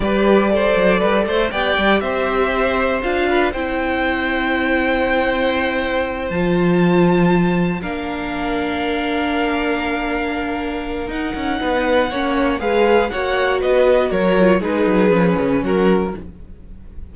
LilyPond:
<<
  \new Staff \with { instrumentName = "violin" } { \time 4/4 \tempo 4 = 119 d''2. g''4 | e''2 f''4 g''4~ | g''1~ | g''8 a''2. f''8~ |
f''1~ | f''2 fis''2~ | fis''4 f''4 fis''4 dis''4 | cis''4 b'2 ais'4 | }
  \new Staff \with { instrumentName = "violin" } { \time 4/4 b'4 c''4 b'8 c''8 d''4 | c''2~ c''8 b'8 c''4~ | c''1~ | c''2.~ c''8 ais'8~ |
ais'1~ | ais'2. b'4 | cis''4 b'4 cis''4 b'4 | ais'4 gis'2 fis'4 | }
  \new Staff \with { instrumentName = "viola" } { \time 4/4 g'4 a'2 g'4~ | g'2 f'4 e'4~ | e'1~ | e'8 f'2. d'8~ |
d'1~ | d'2 dis'2 | cis'4 gis'4 fis'2~ | fis'8 f'8 dis'4 cis'2 | }
  \new Staff \with { instrumentName = "cello" } { \time 4/4 g4. fis8 g8 a8 b8 g8 | c'2 d'4 c'4~ | c'1~ | c'8 f2. ais8~ |
ais1~ | ais2 dis'8 cis'8 b4 | ais4 gis4 ais4 b4 | fis4 gis8 fis8 f8 cis8 fis4 | }
>>